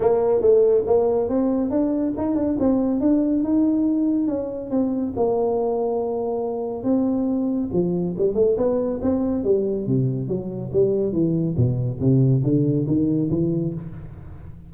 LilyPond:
\new Staff \with { instrumentName = "tuba" } { \time 4/4 \tempo 4 = 140 ais4 a4 ais4 c'4 | d'4 dis'8 d'8 c'4 d'4 | dis'2 cis'4 c'4 | ais1 |
c'2 f4 g8 a8 | b4 c'4 g4 c4 | fis4 g4 e4 b,4 | c4 d4 dis4 e4 | }